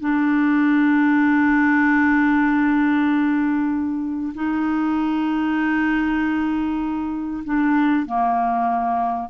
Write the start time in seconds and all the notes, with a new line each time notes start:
0.00 D4
4.34 D#4
7.44 D4
8.06 A#3